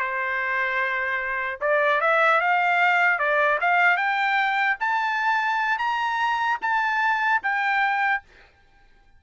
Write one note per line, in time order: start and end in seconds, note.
0.00 1.60 C5
1.61 2.01 D5
2.01 2.41 E5
2.41 3.19 F5
3.19 3.59 D5
3.61 3.97 F5
3.97 4.77 G5
4.81 5.79 A5
5.79 6.59 A#5
6.62 7.42 A5
7.43 8.23 G5